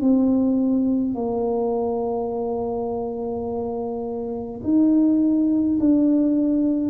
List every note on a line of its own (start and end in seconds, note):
0.00 1.14 C4
1.14 4.60 A#3
4.63 5.78 D#4
5.80 6.90 D4